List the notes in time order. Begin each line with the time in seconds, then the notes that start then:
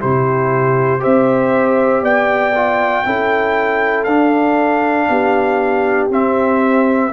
0.00 C3 E4 G4 C5
1.00 C4 G4 C5 E5
2.02 B3 D5 G5
2.55 F4
3.05 C#4 E4 A4
4.04 D4 F5
5.09 B3 G4
6.09 C4 E5